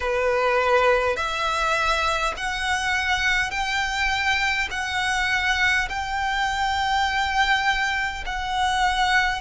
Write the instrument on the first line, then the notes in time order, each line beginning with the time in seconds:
violin
0.00 B4
1.16 E5
2.36 F#5
3.50 G5
4.71 F#5
5.89 G5
8.26 F#5